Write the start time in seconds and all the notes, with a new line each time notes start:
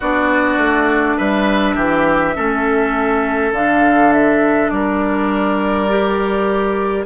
0.00 B3 D4 F#4 D5
0.57 A3
1.16 G3 B4 E5
1.75 E3 G4
2.35 A3 C#4 A4
3.51 D3 D4 F5
4.12 E5
4.69 G3 A#4 D5
5.89 G4